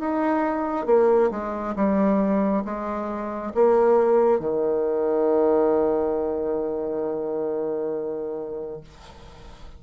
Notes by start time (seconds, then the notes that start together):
0.00 D#4
0.87 A#3
1.31 G#3
1.76 G3
2.65 G#3
3.55 A#3
4.40 D#3